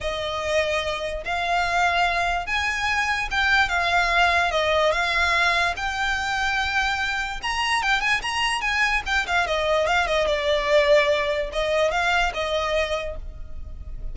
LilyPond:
\new Staff \with { instrumentName = "violin" } { \time 4/4 \tempo 4 = 146 dis''2. f''4~ | f''2 gis''2 | g''4 f''2 dis''4 | f''2 g''2~ |
g''2 ais''4 g''8 gis''8 | ais''4 gis''4 g''8 f''8 dis''4 | f''8 dis''8 d''2. | dis''4 f''4 dis''2 | }